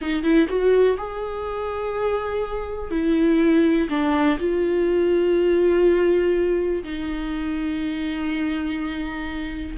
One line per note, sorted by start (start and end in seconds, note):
0.01 0.23 D#4
0.23 0.47 E4
0.48 0.97 F#4
0.97 2.90 G#4
2.90 3.88 E4
3.89 4.38 D4
4.39 6.83 F4
6.83 9.76 D#4